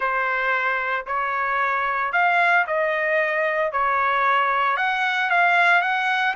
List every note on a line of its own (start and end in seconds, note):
0.00 1.06 C5
1.06 2.12 C#5
2.12 2.65 F5
2.66 3.72 D#5
3.72 4.76 C#5
4.76 5.30 F#5
5.30 5.81 F5
5.81 6.34 F#5